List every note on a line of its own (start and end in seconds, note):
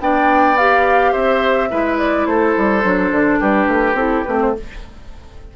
0.00 1.13 B3
0.00 0.57 D4
0.00 1.12 D5
0.00 0.57 G5
0.57 1.70 G4
0.57 1.13 F5
1.12 1.71 C4
1.12 1.69 C5
1.12 1.98 E5
1.70 2.26 G#3
1.70 2.83 E4
1.70 2.27 B4
1.98 2.26 D5
2.26 2.55 A3
2.26 3.40 A4
2.26 3.40 C5
2.58 2.84 G3
2.83 3.12 F#3
2.83 3.96 D4
3.12 3.40 D3
3.40 3.67 G3
3.40 4.53 G4
3.40 3.96 B4
3.67 3.94 A3
3.94 4.22 C4
3.94 4.26 E4
3.94 4.24 A4
4.24 4.56 A3
4.24 4.55 C4
4.24 4.38 B4
4.42 4.56 C5